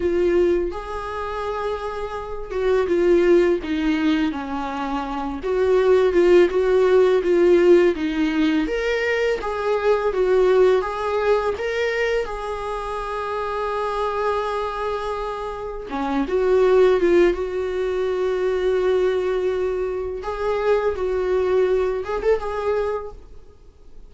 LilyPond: \new Staff \with { instrumentName = "viola" } { \time 4/4 \tempo 4 = 83 f'4 gis'2~ gis'8 fis'8 | f'4 dis'4 cis'4. fis'8~ | fis'8 f'8 fis'4 f'4 dis'4 | ais'4 gis'4 fis'4 gis'4 |
ais'4 gis'2.~ | gis'2 cis'8 fis'4 f'8 | fis'1 | gis'4 fis'4. gis'16 a'16 gis'4 | }